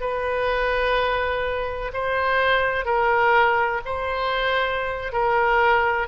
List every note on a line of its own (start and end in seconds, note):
0.00 1.91 B4
1.93 2.85 C5
2.85 3.81 A#4
3.85 5.12 C5
5.12 6.07 A#4